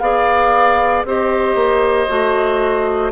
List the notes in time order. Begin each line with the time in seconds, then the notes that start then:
0.00 B3 G#4 D5 F5
1.05 C4 G4 C5 D#5
1.55 A#3
2.09 A3 F#4